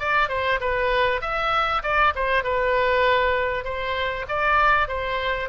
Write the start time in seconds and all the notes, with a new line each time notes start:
0.00 D5
0.29 C5
0.61 B4
1.22 E5
1.83 D5
2.15 C5
2.44 B4
3.65 C5
4.29 D5
4.88 C5